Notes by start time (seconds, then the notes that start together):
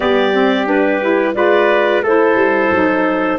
0.00 G3 B3 G4 D5
0.34 C4
0.66 D4 B4
1.01 E4
1.34 G#3 F4 B4 D5
2.03 A3 E4 A4 C5
2.35 G3
2.71 F#3 D#4